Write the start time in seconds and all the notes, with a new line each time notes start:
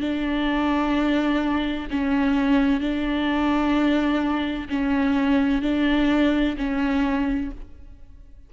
0.00 D4
1.90 C#4
2.80 D4
4.69 C#4
5.62 D4
6.57 C#4